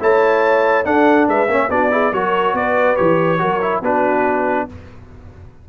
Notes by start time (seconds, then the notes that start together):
0.00 A3 E4 C#5 A5
0.84 D4 A4 F#5
1.28 G#3 B4 E5
1.48 A#3 C#4 C#5
1.70 B3 D4 F#4 D5
1.91 E4 G#4
2.12 F#3 F#4 A#4 C#5
2.53 B3 B4 D5
2.96 E3 G4 C#5
3.39 F#3 F#4 A#4
3.62 E4
3.81 B3 D4 F#4 B4